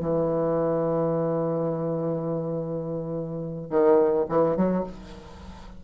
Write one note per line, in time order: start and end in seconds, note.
0.00 3.70 E3
3.70 4.26 D#3
4.29 4.57 E3
4.57 4.85 F#3